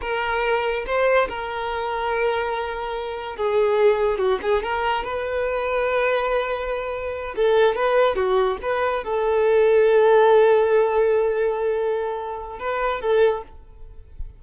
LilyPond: \new Staff \with { instrumentName = "violin" } { \time 4/4 \tempo 4 = 143 ais'2 c''4 ais'4~ | ais'1 | gis'2 fis'8 gis'8 ais'4 | b'1~ |
b'4. a'4 b'4 fis'8~ | fis'8 b'4 a'2~ a'8~ | a'1~ | a'2 b'4 a'4 | }